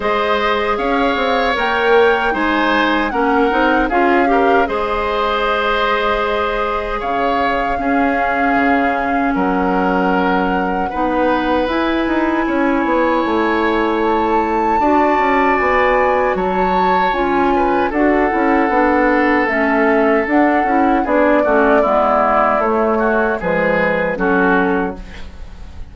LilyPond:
<<
  \new Staff \with { instrumentName = "flute" } { \time 4/4 \tempo 4 = 77 dis''4 f''4 g''4 gis''4 | fis''4 f''4 dis''2~ | dis''4 f''2. | fis''2. gis''4~ |
gis''2 a''2 | gis''4 a''4 gis''4 fis''4~ | fis''4 e''4 fis''4 d''4~ | d''4 cis''4 b'4 a'4 | }
  \new Staff \with { instrumentName = "oboe" } { \time 4/4 c''4 cis''2 c''4 | ais'4 gis'8 ais'8 c''2~ | c''4 cis''4 gis'2 | ais'2 b'2 |
cis''2. d''4~ | d''4 cis''4. b'8 a'4~ | a'2. gis'8 fis'8 | e'4. fis'8 gis'4 fis'4 | }
  \new Staff \with { instrumentName = "clarinet" } { \time 4/4 gis'2 ais'4 dis'4 | cis'8 dis'8 f'8 g'8 gis'2~ | gis'2 cis'2~ | cis'2 dis'4 e'4~ |
e'2. fis'4~ | fis'2 f'4 fis'8 e'8 | d'4 cis'4 d'8 e'8 d'8 cis'8 | b4 a4 gis4 cis'4 | }
  \new Staff \with { instrumentName = "bassoon" } { \time 4/4 gis4 cis'8 c'8 ais4 gis4 | ais8 c'8 cis'4 gis2~ | gis4 cis4 cis'4 cis4 | fis2 b4 e'8 dis'8 |
cis'8 b8 a2 d'8 cis'8 | b4 fis4 cis'4 d'8 cis'8 | b4 a4 d'8 cis'8 b8 a8 | gis4 a4 f4 fis4 | }
>>